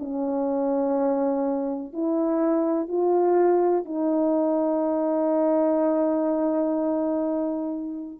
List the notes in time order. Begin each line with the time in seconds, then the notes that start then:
0.00 C#4
1.93 E4
2.89 F4
3.85 D#4